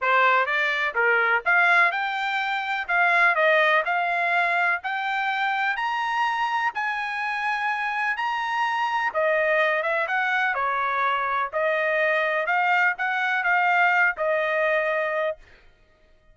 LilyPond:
\new Staff \with { instrumentName = "trumpet" } { \time 4/4 \tempo 4 = 125 c''4 d''4 ais'4 f''4 | g''2 f''4 dis''4 | f''2 g''2 | ais''2 gis''2~ |
gis''4 ais''2 dis''4~ | dis''8 e''8 fis''4 cis''2 | dis''2 f''4 fis''4 | f''4. dis''2~ dis''8 | }